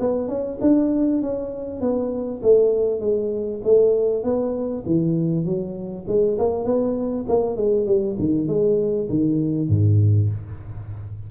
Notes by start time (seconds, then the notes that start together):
0.00 B3
0.29 C#4
0.61 D4
1.22 C#4
1.81 B3
2.43 A3
3.01 G#3
3.64 A3
4.24 B3
4.86 E3
5.45 F#3
6.08 G#3
6.39 A#3
6.65 B3
7.29 A#3
7.56 G#3
7.87 G3
8.19 D#3
8.48 G#3
9.10 D#3
9.69 G#2